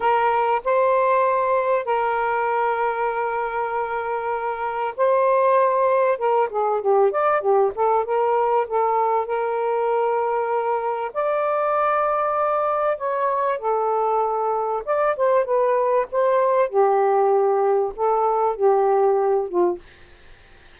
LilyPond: \new Staff \with { instrumentName = "saxophone" } { \time 4/4 \tempo 4 = 97 ais'4 c''2 ais'4~ | ais'1 | c''2 ais'8 gis'8 g'8 d''8 | g'8 a'8 ais'4 a'4 ais'4~ |
ais'2 d''2~ | d''4 cis''4 a'2 | d''8 c''8 b'4 c''4 g'4~ | g'4 a'4 g'4. f'8 | }